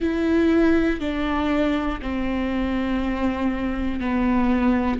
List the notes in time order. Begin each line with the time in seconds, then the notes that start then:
0.00 E4
1.00 D4
2.01 C4
4.00 B3